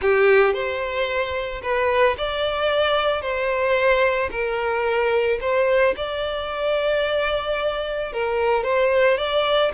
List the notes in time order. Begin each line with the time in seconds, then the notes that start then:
0.01 G4
0.53 C5
1.62 B4
2.17 D5
3.21 C5
4.31 A#4
5.41 C5
5.96 D5
8.13 A#4
8.63 C5
9.17 D5